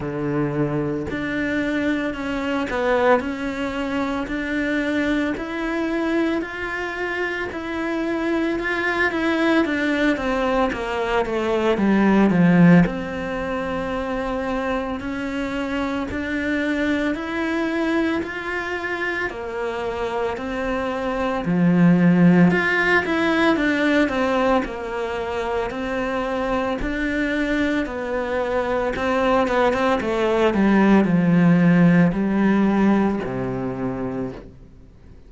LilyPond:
\new Staff \with { instrumentName = "cello" } { \time 4/4 \tempo 4 = 56 d4 d'4 cis'8 b8 cis'4 | d'4 e'4 f'4 e'4 | f'8 e'8 d'8 c'8 ais8 a8 g8 f8 | c'2 cis'4 d'4 |
e'4 f'4 ais4 c'4 | f4 f'8 e'8 d'8 c'8 ais4 | c'4 d'4 b4 c'8 b16 c'16 | a8 g8 f4 g4 c4 | }